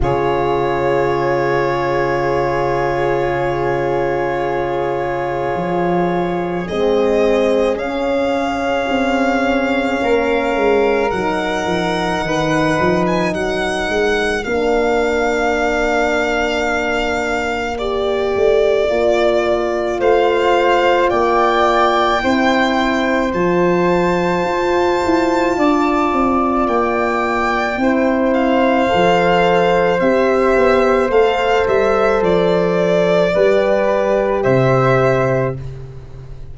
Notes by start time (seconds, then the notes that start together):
0.00 C#3 F4 G#4 C#5
5.54 F3
6.67 G#3 C4 D#5
7.75 C#4 F5
8.87 C4
10.01 A#3 A#4
10.55 G#3
11.10 F#3 D#4 F#5
11.65 F3
12.21 D#3 B4
12.79 F3
13.06 G#5
13.31 F#3 A#4 F#5
13.88 G#3
14.44 A#3 D4 F5
17.78 G4 D5
18.35 A3
18.89 A#3 F4
19.99 A3 C5 F5
21.09 A#3 D5 G5
22.19 C4 E4 C5
23.33 F3 F4 A5
24.43 F4
25.04 E4
25.56 D4 D5
26.12 C4
26.66 A#3 G5
27.77 C4 E4 C5
28.33 F5
28.88 F3 A4
29.99 C4 G4 E5
30.56 B3
31.09 A3 A4 F5
31.67 G3 E5
32.21 F3 D5
33.33 G3 G4 B4
34.42 C3 C5 E5